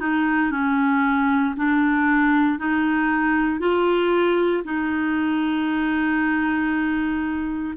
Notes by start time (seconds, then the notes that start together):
0.00 D#4
0.51 C#4
1.57 D4
2.59 D#4
3.60 F4
4.64 D#4